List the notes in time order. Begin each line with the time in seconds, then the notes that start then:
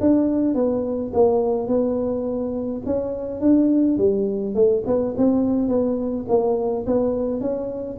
0.00 D4
0.54 B3
1.13 A#3
1.67 B3
2.85 C#4
3.40 D4
3.97 G3
4.55 A3
4.86 B3
5.17 C4
5.68 B3
6.28 A#3
6.86 B3
7.41 C#4